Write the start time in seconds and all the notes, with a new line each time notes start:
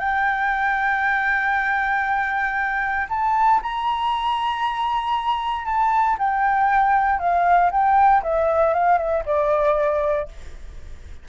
0.00 G5
3.10 A5
3.63 A#5
5.66 A5
6.19 G5
7.20 F5
7.72 G5
8.23 E5
8.74 F5
8.98 E5
9.26 D5